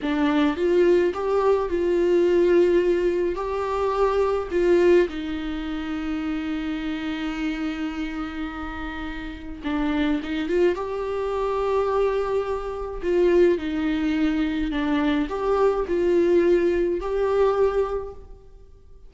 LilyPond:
\new Staff \with { instrumentName = "viola" } { \time 4/4 \tempo 4 = 106 d'4 f'4 g'4 f'4~ | f'2 g'2 | f'4 dis'2.~ | dis'1~ |
dis'4 d'4 dis'8 f'8 g'4~ | g'2. f'4 | dis'2 d'4 g'4 | f'2 g'2 | }